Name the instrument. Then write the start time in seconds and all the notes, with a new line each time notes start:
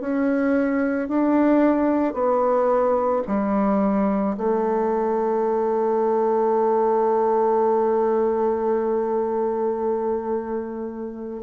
bassoon
0.00 C#4
1.08 D4
2.13 B3
3.27 G3
4.37 A3